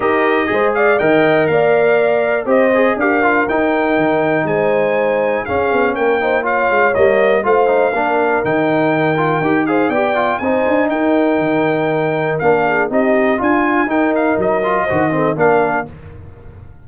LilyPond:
<<
  \new Staff \with { instrumentName = "trumpet" } { \time 4/4 \tempo 4 = 121 dis''4. f''8 g''4 f''4~ | f''4 dis''4 f''4 g''4~ | g''4 gis''2 f''4 | g''4 f''4 dis''4 f''4~ |
f''4 g''2~ g''8 f''8 | g''4 gis''4 g''2~ | g''4 f''4 dis''4 gis''4 | g''8 f''8 dis''2 f''4 | }
  \new Staff \with { instrumentName = "horn" } { \time 4/4 ais'4 c''8 d''8 dis''4 d''4~ | d''4 c''4 ais'2~ | ais'4 c''2 gis'4 | ais'8 c''8 cis''2 c''4 |
ais'2.~ ais'8 c''8 | d''4 c''4 ais'2~ | ais'4. gis'8 g'4 f'4 | ais'2 c''8 a'8 ais'4 | }
  \new Staff \with { instrumentName = "trombone" } { \time 4/4 g'4 gis'4 ais'2~ | ais'4 g'8 gis'8 g'8 f'8 dis'4~ | dis'2. cis'4~ | cis'8 dis'8 f'4 ais4 f'8 dis'8 |
d'4 dis'4. f'8 g'8 gis'8 | g'8 f'8 dis'2.~ | dis'4 d'4 dis'4 f'4 | dis'4. f'8 fis'8 c'8 d'4 | }
  \new Staff \with { instrumentName = "tuba" } { \time 4/4 dis'4 gis4 dis4 ais4~ | ais4 c'4 d'4 dis'4 | dis4 gis2 cis'8 b8 | ais4. gis8 g4 a4 |
ais4 dis2 dis'4 | b4 c'8 d'8 dis'4 dis4~ | dis4 ais4 c'4 d'4 | dis'4 fis4 dis4 ais4 | }
>>